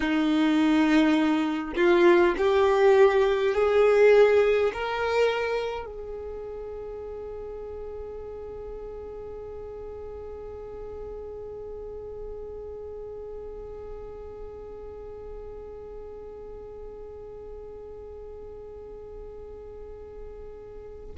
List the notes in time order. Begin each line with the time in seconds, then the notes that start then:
0.00 D#4
1.75 F4
2.37 G4
3.54 G#4
4.73 A#4
5.85 G#4